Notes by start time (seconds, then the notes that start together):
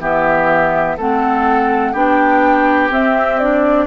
0.00 E3 B3 G4 E5
0.97 A3 C4 A4 F#5
1.92 B3 D4 G4 G5
2.90 C4 E5
3.39 D4 D5